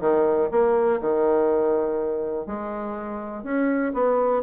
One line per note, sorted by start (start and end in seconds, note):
0.00 0.49 D#3
0.51 1.00 A#3
1.01 2.46 D#3
2.46 3.43 G#3
3.43 3.93 C#4
3.93 4.42 B3